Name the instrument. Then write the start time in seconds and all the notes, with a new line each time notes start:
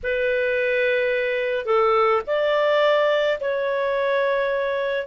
clarinet
0.03 B4
1.65 A4
2.26 D5
3.40 C#5